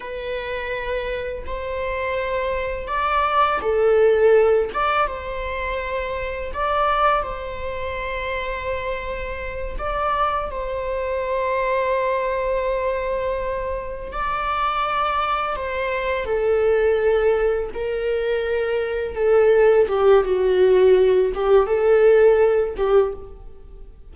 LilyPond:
\new Staff \with { instrumentName = "viola" } { \time 4/4 \tempo 4 = 83 b'2 c''2 | d''4 a'4. d''8 c''4~ | c''4 d''4 c''2~ | c''4. d''4 c''4.~ |
c''2.~ c''8 d''8~ | d''4. c''4 a'4.~ | a'8 ais'2 a'4 g'8 | fis'4. g'8 a'4. g'8 | }